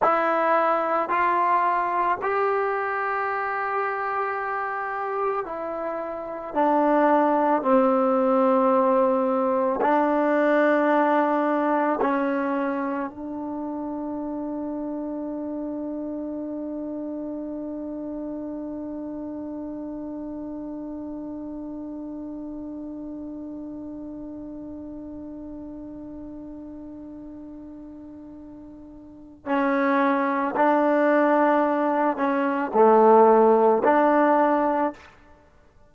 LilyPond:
\new Staff \with { instrumentName = "trombone" } { \time 4/4 \tempo 4 = 55 e'4 f'4 g'2~ | g'4 e'4 d'4 c'4~ | c'4 d'2 cis'4 | d'1~ |
d'1~ | d'1~ | d'2. cis'4 | d'4. cis'8 a4 d'4 | }